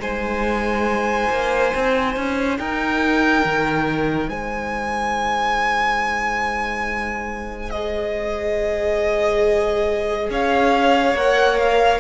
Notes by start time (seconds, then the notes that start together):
0.00 G#3 D#4 C5 G#5
1.30 A#3
1.75 C4
2.17 C#4
2.58 D#4 A#4 G5
3.45 D#3
4.29 G#3 C5 G#5
7.71 G#4 D#5
10.30 C#4 C#5 F5
11.14 A#3 A#4 F#5
11.58 F5